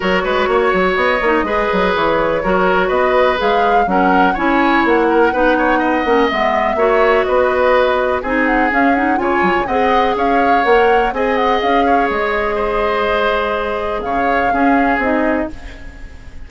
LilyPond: <<
  \new Staff \with { instrumentName = "flute" } { \time 4/4 \tempo 4 = 124 cis''2 dis''2 | cis''2 dis''4 f''4 | fis''4 gis''4 fis''2~ | fis''4 e''2 dis''4~ |
dis''4 gis''8 fis''8 f''8 fis''8 gis''4 | fis''4 f''4 fis''4 gis''8 fis''8 | f''4 dis''2.~ | dis''4 f''2 dis''4 | }
  \new Staff \with { instrumentName = "oboe" } { \time 4/4 ais'8 b'8 cis''2 b'4~ | b'4 ais'4 b'2 | ais'4 cis''4. ais'8 b'8 cis''8 | dis''2 cis''4 b'4~ |
b'4 gis'2 cis''4 | dis''4 cis''2 dis''4~ | dis''8 cis''4. c''2~ | c''4 cis''4 gis'2 | }
  \new Staff \with { instrumentName = "clarinet" } { \time 4/4 fis'2~ fis'8 dis'8 gis'4~ | gis'4 fis'2 gis'4 | cis'4 e'2 dis'4~ | dis'8 cis'8 b4 fis'2~ |
fis'4 dis'4 cis'8 dis'8 f'4 | gis'2 ais'4 gis'4~ | gis'1~ | gis'2 cis'4 dis'4 | }
  \new Staff \with { instrumentName = "bassoon" } { \time 4/4 fis8 gis8 ais8 fis8 b8 ais8 gis8 fis8 | e4 fis4 b4 gis4 | fis4 cis'4 ais4 b4~ | b8 ais8 gis4 ais4 b4~ |
b4 c'4 cis'4 cis8 fis16 cis16 | c'4 cis'4 ais4 c'4 | cis'4 gis2.~ | gis4 cis4 cis'4 c'4 | }
>>